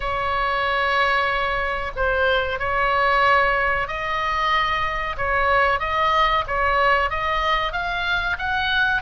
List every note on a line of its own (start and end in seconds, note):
0.00 1.92 C#5
1.96 2.59 C5
2.59 3.87 C#5
3.87 5.16 D#5
5.17 5.79 C#5
5.79 6.44 D#5
6.47 7.10 C#5
7.10 7.72 D#5
7.72 8.36 F5
8.38 9.02 F#5